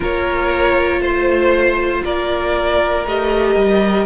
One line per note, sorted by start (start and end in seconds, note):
0.00 0.99 A#3
0.00 3.05 F4
0.00 1.00 A#4
0.00 1.02 C#5
0.99 2.01 A3
0.99 2.02 C5
0.99 2.03 C5
2.04 3.05 A#3
2.04 4.06 A#4
2.04 3.06 D5
3.05 3.55 A3
3.05 4.06 G4
3.05 4.06 D#5
3.55 4.06 G3